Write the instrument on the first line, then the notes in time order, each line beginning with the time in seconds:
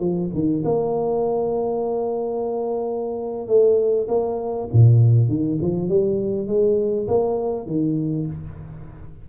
tuba
0.00 F3
0.34 D#3
0.65 A#3
3.48 A3
4.08 A#3
4.73 A#2
5.29 D#3
5.61 F3
5.89 G3
6.47 G#3
7.08 A#3
7.67 D#3